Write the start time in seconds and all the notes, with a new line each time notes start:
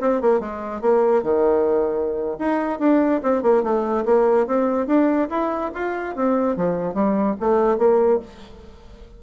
0.00 C4
0.21 A#3
0.40 G#3
0.81 A#3
1.23 D#3
2.38 D#4
2.79 D4
3.23 C4
3.42 A#3
3.63 A3
4.05 A#3
4.46 C4
4.87 D4
5.29 E4
5.74 F4
6.15 C4
6.56 F3
6.94 G3
7.40 A3
7.78 A#3